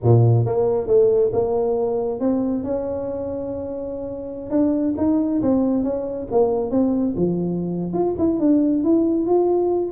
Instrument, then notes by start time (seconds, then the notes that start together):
tuba
0.03 A#2
0.45 A#3
0.87 A3
1.32 A#3
2.20 C4
2.63 C#4
4.50 D4
4.97 D#4
5.41 C4
5.83 C#4
6.31 A#3
6.70 C4
7.16 F3
7.93 F4
8.18 E4
8.39 D4
8.83 E4
9.26 F4